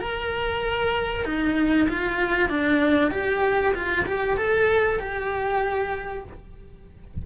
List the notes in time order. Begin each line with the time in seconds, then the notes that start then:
0.00 A#4
1.25 D#4
1.89 F4
2.49 D4
3.11 G4
3.74 F4
4.06 G4
4.37 A4
4.99 G4